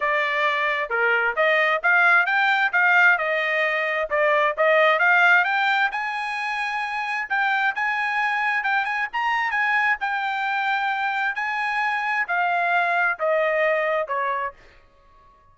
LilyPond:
\new Staff \with { instrumentName = "trumpet" } { \time 4/4 \tempo 4 = 132 d''2 ais'4 dis''4 | f''4 g''4 f''4 dis''4~ | dis''4 d''4 dis''4 f''4 | g''4 gis''2. |
g''4 gis''2 g''8 gis''8 | ais''4 gis''4 g''2~ | g''4 gis''2 f''4~ | f''4 dis''2 cis''4 | }